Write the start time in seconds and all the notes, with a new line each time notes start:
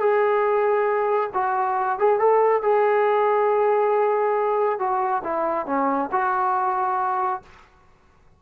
0.00 G#4
1.34 F#4
1.99 G#4
2.19 A4
2.62 G#4
4.79 F#4
5.24 E4
5.67 C#4
6.12 F#4